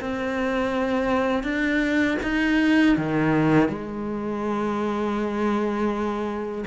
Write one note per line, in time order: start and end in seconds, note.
0.00 1.43 C4
1.43 2.17 D4
2.22 2.96 D#4
2.97 3.68 D#3
3.68 6.64 G#3